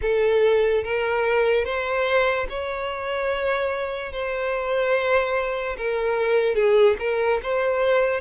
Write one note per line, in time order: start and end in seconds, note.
0.01 0.83 A4
0.83 1.64 A#4
1.64 2.47 C5
2.49 4.12 C#5
4.12 5.76 C5
5.77 6.55 A#4
6.55 6.96 G#4
6.99 7.40 A#4
7.42 8.20 C5